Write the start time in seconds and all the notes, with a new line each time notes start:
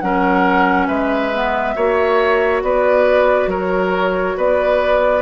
0.00 F#3 C#4 A#4 F#5
0.87 G#3 B4 E5
1.34 B3
1.76 A#3 F#4 C#5
2.62 B3 B4 D5
3.47 F#3 A#4 C#5
4.37 B3 B4 D5